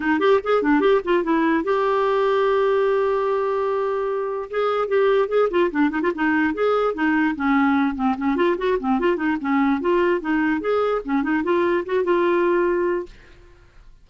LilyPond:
\new Staff \with { instrumentName = "clarinet" } { \time 4/4 \tempo 4 = 147 dis'8 g'8 gis'8 d'8 g'8 f'8 e'4 | g'1~ | g'2. gis'4 | g'4 gis'8 f'8 d'8 dis'16 f'16 dis'4 |
gis'4 dis'4 cis'4. c'8 | cis'8 f'8 fis'8 c'8 f'8 dis'8 cis'4 | f'4 dis'4 gis'4 cis'8 dis'8 | f'4 fis'8 f'2~ f'8 | }